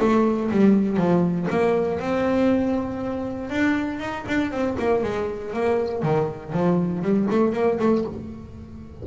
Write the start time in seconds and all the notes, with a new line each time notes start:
0.00 A3
0.51 G3
0.97 F3
1.50 A#3
2.00 C4
3.50 D4
4.00 D#4
4.28 D4
4.51 C4
4.79 A#3
5.04 G#3
5.54 A#3
6.03 D#3
6.53 F3
7.02 G3
7.30 A3
7.53 A#3
7.79 A3